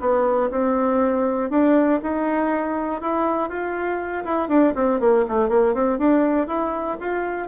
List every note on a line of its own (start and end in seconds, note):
0.00 0.50 B3
0.50 1.50 C4
1.50 2.00 D4
2.02 3.01 D#4
3.01 3.49 E4
3.49 4.24 F4
4.24 4.48 E4
4.48 4.73 D4
4.75 5.00 C4
5.00 5.25 A#3
5.28 5.49 A3
5.49 5.74 A#3
5.74 5.98 C4
5.98 6.47 D4
6.47 6.97 E4
7.00 7.48 F4